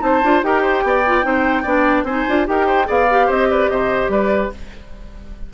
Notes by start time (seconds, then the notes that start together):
0.00 C4 D#4 C5 A5
0.24 D4 F4
0.43 D#4 G4 A#4 G5
0.62 C5
0.84 B3 D5
1.07 F4
1.23 C4 D#4 C5
1.63 B3 D4 D5
2.03 C4 D#4 C5 G#5
2.29 D4 F4
2.47 D#4 G4 A#4 G5
2.66 C5
2.86 B3 G#4 D5 F5
3.11 G4
3.27 C4 C5 D#5
3.51 B4 D5
3.70 C3 C5 D#5
4.09 G3 B4 D5